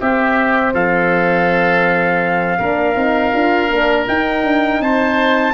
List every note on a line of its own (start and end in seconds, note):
0.00 2.59 C4
0.00 0.74 C4
0.00 0.74 G4
0.00 0.75 E5
0.74 2.59 F3
0.74 2.59 A4
0.74 4.08 F5
2.59 2.96 A#3
2.59 2.95 D4
2.59 4.81 A#4
2.95 3.33 C4
2.95 3.32 D#4
3.33 3.70 D4
3.33 3.70 F4
3.70 4.07 A#3
3.70 4.07 D4
4.07 5.54 D#4
4.07 4.44 D#4
4.07 4.82 G5
4.44 4.80 D4
4.80 5.54 C4
4.80 5.54 C5
4.80 5.54 A5